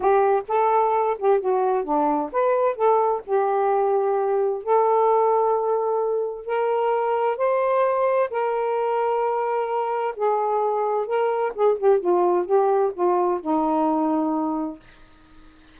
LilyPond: \new Staff \with { instrumentName = "saxophone" } { \time 4/4 \tempo 4 = 130 g'4 a'4. g'8 fis'4 | d'4 b'4 a'4 g'4~ | g'2 a'2~ | a'2 ais'2 |
c''2 ais'2~ | ais'2 gis'2 | ais'4 gis'8 g'8 f'4 g'4 | f'4 dis'2. | }